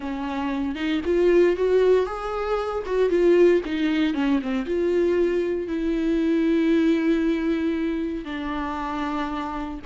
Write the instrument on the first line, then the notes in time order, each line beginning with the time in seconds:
viola
0.00 C#4
0.75 D#4
1.05 F4
1.56 F#4
2.05 G#4
2.85 F#4
3.09 F4
3.65 D#4
4.14 C#4
4.42 C4
4.66 F4
5.67 E4
8.25 D4